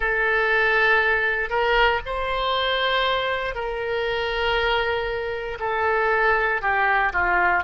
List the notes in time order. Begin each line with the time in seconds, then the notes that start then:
0.00 A4
1.49 A#4
2.05 C5
3.54 A#4
5.59 A4
6.61 G4
7.12 F4